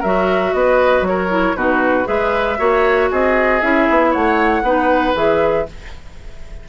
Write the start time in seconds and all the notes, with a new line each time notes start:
0.00 F#3 F#4 A#4 E5
0.54 B3 B4 D#5
1.02 F#3 C#5
1.09 A#4
1.29 E4
1.55 B2 D#4 F#4 B4
2.05 G#3 G#4 B4 E5
2.58 A#3 F#4 C#5
3.11 C4 G#4 D#5
3.61 C#4 E4 E5
3.90 B3
4.11 A3 C#5 F#5
4.62 B3 D#4 B4
5.15 E3 G#4 E5